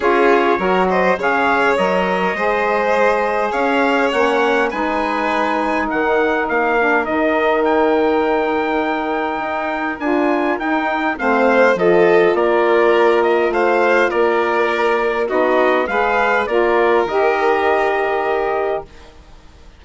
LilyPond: <<
  \new Staff \with { instrumentName = "trumpet" } { \time 4/4 \tempo 4 = 102 cis''4. dis''8 f''4 dis''4~ | dis''2 f''4 fis''4 | gis''2 fis''4 f''4 | dis''4 g''2.~ |
g''4 gis''4 g''4 f''4 | dis''4 d''4. dis''8 f''4 | d''2 dis''4 f''4 | d''4 dis''2. | }
  \new Staff \with { instrumentName = "violin" } { \time 4/4 gis'4 ais'8 c''8 cis''2 | c''2 cis''2 | b'2 ais'2~ | ais'1~ |
ais'2. c''4 | a'4 ais'2 c''4 | ais'2 fis'4 b'4 | ais'1 | }
  \new Staff \with { instrumentName = "saxophone" } { \time 4/4 f'4 fis'4 gis'4 ais'4 | gis'2. cis'4 | dis'2.~ dis'8 d'8 | dis'1~ |
dis'4 f'4 dis'4 c'4 | f'1~ | f'2 dis'4 gis'4 | f'4 g'2. | }
  \new Staff \with { instrumentName = "bassoon" } { \time 4/4 cis'4 fis4 cis4 fis4 | gis2 cis'4 ais4 | gis2 dis4 ais4 | dis1 |
dis'4 d'4 dis'4 a4 | f4 ais2 a4 | ais2 b4 gis4 | ais4 dis2. | }
>>